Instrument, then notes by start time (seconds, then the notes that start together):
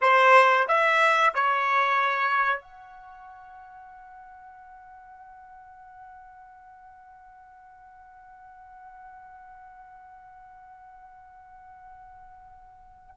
trumpet
0.01 C5
0.67 E5
1.34 C#5
2.60 F#5